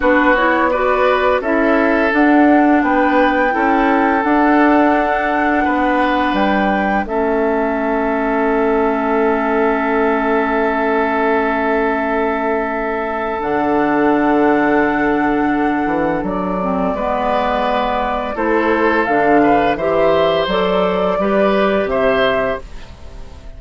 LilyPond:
<<
  \new Staff \with { instrumentName = "flute" } { \time 4/4 \tempo 4 = 85 b'8 cis''8 d''4 e''4 fis''4 | g''2 fis''2~ | fis''4 g''4 e''2~ | e''1~ |
e''2. fis''4~ | fis''2. d''4~ | d''2 c''4 f''4 | e''4 d''2 e''4 | }
  \new Staff \with { instrumentName = "oboe" } { \time 4/4 fis'4 b'4 a'2 | b'4 a'2. | b'2 a'2~ | a'1~ |
a'1~ | a'1 | b'2 a'4. b'8 | c''2 b'4 c''4 | }
  \new Staff \with { instrumentName = "clarinet" } { \time 4/4 d'8 e'8 fis'4 e'4 d'4~ | d'4 e'4 d'2~ | d'2 cis'2~ | cis'1~ |
cis'2. d'4~ | d'2.~ d'8 c'8 | b2 e'4 d'4 | g'4 a'4 g'2 | }
  \new Staff \with { instrumentName = "bassoon" } { \time 4/4 b2 cis'4 d'4 | b4 cis'4 d'2 | b4 g4 a2~ | a1~ |
a2. d4~ | d2~ d8 e8 fis4 | gis2 a4 d4 | e4 fis4 g4 c4 | }
>>